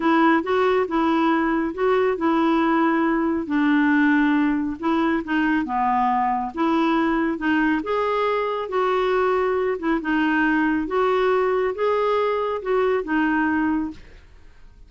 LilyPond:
\new Staff \with { instrumentName = "clarinet" } { \time 4/4 \tempo 4 = 138 e'4 fis'4 e'2 | fis'4 e'2. | d'2. e'4 | dis'4 b2 e'4~ |
e'4 dis'4 gis'2 | fis'2~ fis'8 e'8 dis'4~ | dis'4 fis'2 gis'4~ | gis'4 fis'4 dis'2 | }